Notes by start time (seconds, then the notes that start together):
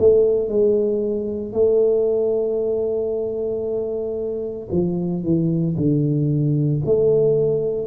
0.00 A3
0.49 G#3
1.53 A3
4.72 F3
5.24 E3
5.77 D3
6.86 A3